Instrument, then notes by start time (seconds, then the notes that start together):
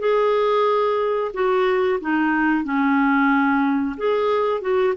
clarinet
0.00 G#4
1.34 F#4
2.01 D#4
2.64 C#4
3.97 G#4
4.62 F#4